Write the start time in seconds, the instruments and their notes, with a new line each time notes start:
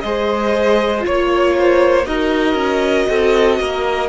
0.00 cello G#3, viola G#4, violin C5 D#5
1.00 cello A#3, viola F4, violin C#5
1.58 violin C5
2.06 cello D#4, viola F#4, violin A#4 D#5
2.54 cello C#4
3.09 cello C4, violin A4
3.59 cello A#3, violin A#4